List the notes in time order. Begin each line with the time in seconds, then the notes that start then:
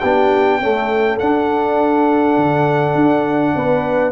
0.00 B3 D4 G4 G5
0.61 A3 C#4 A4
1.19 D4 F#5
2.37 D3
2.95 D4
3.56 B3 B4